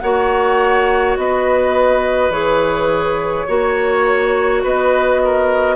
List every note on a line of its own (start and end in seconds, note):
0.00 1.17 A#3
0.00 2.32 F#4
0.00 1.18 C#5
0.00 1.15 F#5
1.17 2.30 B3
1.17 3.47 B4
1.17 2.32 D#5
2.30 3.45 E3
2.30 3.48 G#4
2.30 4.62 C#5
3.47 4.64 A#3
3.47 5.76 F#4
3.47 4.62 C#5
4.63 5.76 B3
4.63 5.21 B4
4.63 5.76 D#5
5.25 5.76 A#4